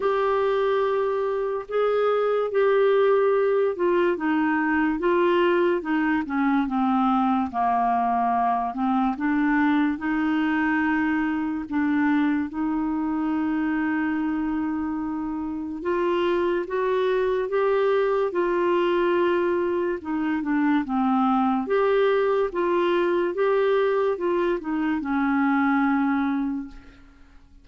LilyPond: \new Staff \with { instrumentName = "clarinet" } { \time 4/4 \tempo 4 = 72 g'2 gis'4 g'4~ | g'8 f'8 dis'4 f'4 dis'8 cis'8 | c'4 ais4. c'8 d'4 | dis'2 d'4 dis'4~ |
dis'2. f'4 | fis'4 g'4 f'2 | dis'8 d'8 c'4 g'4 f'4 | g'4 f'8 dis'8 cis'2 | }